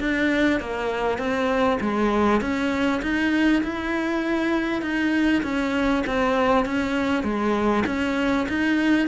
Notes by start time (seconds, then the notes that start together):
0.00 D4
0.60 A#3
1.19 C4
1.81 G#3
2.41 C#4
3.02 D#4
3.64 E4
4.82 D#4
5.43 C#4
6.07 C4
6.66 C#4
7.23 G#3
7.87 C#4
8.49 D#4